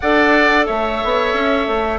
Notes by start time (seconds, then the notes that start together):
0.00 D4 A4 D5 F#5
0.66 A3 C#5 E5
1.03 B3
1.33 C#4
1.67 A3